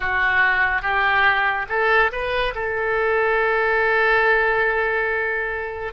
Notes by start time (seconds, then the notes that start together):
0.00 F#4
0.81 G4
1.69 A4
2.11 B4
2.55 A4